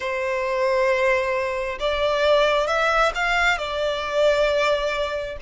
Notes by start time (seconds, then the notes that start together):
0.00 C5
1.79 D5
2.67 E5
3.14 F5
3.57 D5